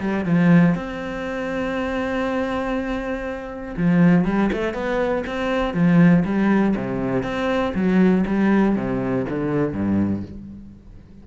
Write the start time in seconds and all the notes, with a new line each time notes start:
0.00 G3
0.25 F3
0.75 C4
3.77 F3
4.25 G3
4.53 A3
4.74 B3
5.27 C4
5.74 F3
6.25 G3
6.76 C3
7.23 C4
7.75 F#3
8.27 G3
8.76 C3
9.29 D3
9.73 G2